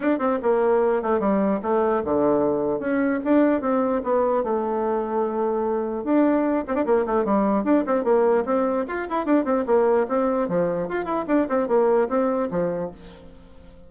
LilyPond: \new Staff \with { instrumentName = "bassoon" } { \time 4/4 \tempo 4 = 149 d'8 c'8 ais4. a8 g4 | a4 d2 cis'4 | d'4 c'4 b4 a4~ | a2. d'4~ |
d'8 c'16 d'16 ais8 a8 g4 d'8 c'8 | ais4 c'4 f'8 e'8 d'8 c'8 | ais4 c'4 f4 f'8 e'8 | d'8 c'8 ais4 c'4 f4 | }